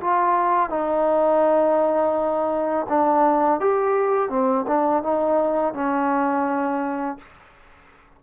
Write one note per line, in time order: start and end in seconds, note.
0.00 0.69 F4
0.69 2.86 D#4
2.88 3.60 D4
3.60 4.29 G4
4.29 4.65 C4
4.67 5.03 D4
5.03 5.73 D#4
5.73 7.18 C#4